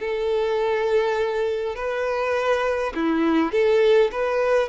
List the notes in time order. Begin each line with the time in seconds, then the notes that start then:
0.00 A4
1.76 B4
2.95 E4
3.52 A4
4.12 B4